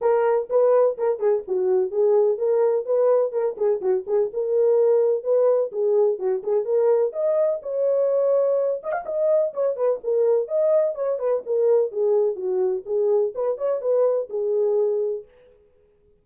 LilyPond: \new Staff \with { instrumentName = "horn" } { \time 4/4 \tempo 4 = 126 ais'4 b'4 ais'8 gis'8 fis'4 | gis'4 ais'4 b'4 ais'8 gis'8 | fis'8 gis'8 ais'2 b'4 | gis'4 fis'8 gis'8 ais'4 dis''4 |
cis''2~ cis''8 dis''16 f''16 dis''4 | cis''8 b'8 ais'4 dis''4 cis''8 b'8 | ais'4 gis'4 fis'4 gis'4 | b'8 cis''8 b'4 gis'2 | }